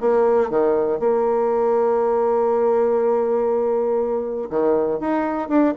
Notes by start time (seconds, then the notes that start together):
0.00 A#3
0.50 D#3
0.99 A#3
4.50 D#3
5.00 D#4
5.48 D4